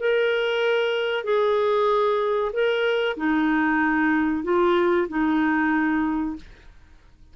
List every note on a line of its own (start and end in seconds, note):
0.00 1.24 A#4
1.24 2.52 G#4
2.53 3.17 A#4
3.17 4.44 D#4
4.44 5.08 F4
5.09 6.37 D#4